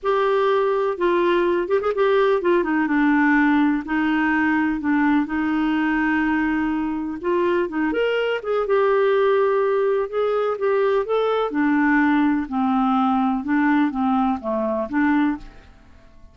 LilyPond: \new Staff \with { instrumentName = "clarinet" } { \time 4/4 \tempo 4 = 125 g'2 f'4. g'16 gis'16 | g'4 f'8 dis'8 d'2 | dis'2 d'4 dis'4~ | dis'2. f'4 |
dis'8 ais'4 gis'8 g'2~ | g'4 gis'4 g'4 a'4 | d'2 c'2 | d'4 c'4 a4 d'4 | }